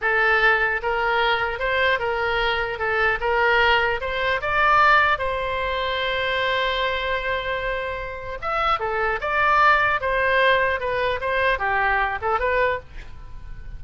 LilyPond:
\new Staff \with { instrumentName = "oboe" } { \time 4/4 \tempo 4 = 150 a'2 ais'2 | c''4 ais'2 a'4 | ais'2 c''4 d''4~ | d''4 c''2.~ |
c''1~ | c''4 e''4 a'4 d''4~ | d''4 c''2 b'4 | c''4 g'4. a'8 b'4 | }